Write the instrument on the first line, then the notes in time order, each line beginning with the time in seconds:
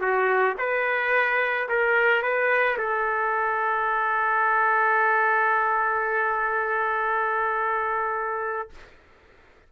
trumpet
0.00 F#4
0.58 B4
1.68 A#4
2.22 B4
2.78 A4